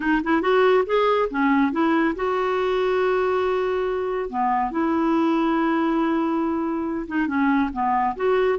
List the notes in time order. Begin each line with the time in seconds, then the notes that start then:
0.00 D#4
0.23 E4
0.41 F#4
0.86 G#4
1.30 C#4
1.72 E4
2.15 F#4
4.29 B3
4.71 E4
7.07 D#4
7.27 C#4
7.72 B3
8.15 F#4